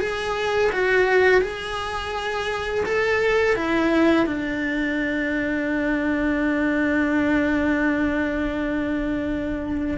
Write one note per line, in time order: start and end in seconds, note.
0.00 0.71 G#4
0.72 1.42 F#4
1.42 2.85 G#4
2.86 3.56 A4
3.56 4.27 E4
4.27 9.98 D4